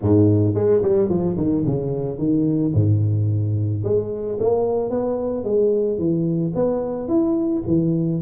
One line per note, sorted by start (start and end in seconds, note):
0.01 0.54 G#2
0.54 0.81 G#3
0.82 1.09 G3
1.09 1.36 F3
1.37 1.64 D#3
1.66 2.18 C#3
2.18 2.73 D#3
2.74 3.83 G#2
3.84 4.38 G#3
4.40 4.90 A#3
4.90 5.43 B3
5.43 5.98 G#3
5.98 6.53 E3
6.55 7.08 B3
7.08 7.62 E4
7.66 8.21 E3